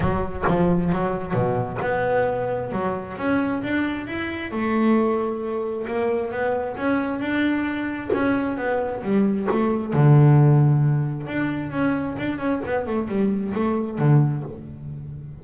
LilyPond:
\new Staff \with { instrumentName = "double bass" } { \time 4/4 \tempo 4 = 133 fis4 f4 fis4 b,4 | b2 fis4 cis'4 | d'4 e'4 a2~ | a4 ais4 b4 cis'4 |
d'2 cis'4 b4 | g4 a4 d2~ | d4 d'4 cis'4 d'8 cis'8 | b8 a8 g4 a4 d4 | }